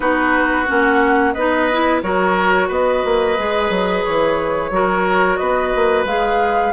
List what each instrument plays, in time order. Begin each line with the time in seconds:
0.00 bassoon B3, clarinet D#4, oboe F#4, flute B4
0.67 bassoon A#3, clarinet C#4, flute F#5
1.33 bassoon B3, clarinet D#4, oboe B4, flute D#5
1.72 clarinet E4
2.02 bassoon F#3, clarinet F#4, oboe A#4, flute C#5
2.68 bassoon B3, oboe B4, flute D#5
3.04 bassoon A#3
3.38 bassoon G#3, clarinet G#4
3.69 bassoon F#3
4.04 bassoon E3, flute C#5
4.70 bassoon F#3, clarinet F#4, oboe A#4
5.36 bassoon B3, oboe B4, flute D#5
5.75 bassoon A#3
6.04 bassoon G#3, clarinet G#4, flute F5